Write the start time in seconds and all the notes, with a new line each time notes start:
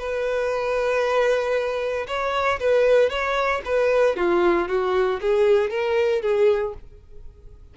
0.00 B4
2.08 C#5
2.60 B4
3.10 C#5
3.66 B4
4.17 F4
4.69 F#4
5.21 G#4
5.71 A#4
6.22 G#4